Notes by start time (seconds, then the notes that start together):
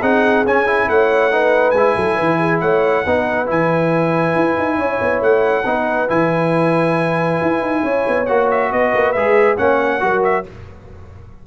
0.00 C4 D#4 G#4 F#5
0.46 C#4 G#5
0.67 E4
0.88 A3 C#5 F#5
1.32 D#4 B4
1.71 G#3 G#5
1.77 E4
1.96 F#3 A4
2.16 E3 B4
2.40 G#4
2.61 A3 C#5 F#5
3.06 B3 D#4 B4
3.47 E3 E4 G#5
4.36 E4
4.58 D#4
4.77 C#4 C#5
5.01 B3
5.21 A3 F#5
5.65 B3 D#4 B4
6.09 E3 E4 G#5
7.42 E4
7.61 D#4
7.83 C#4 C#5
8.08 B3
8.26 A#3 F#4 F#5
8.51 E5
8.71 B3 B4 D#5
8.95 A#3
9.13 G#3 G#4 E5
9.58 A#3 C#4 C#5 F#5
10.00 F#3 F#4 A#4
10.24 E5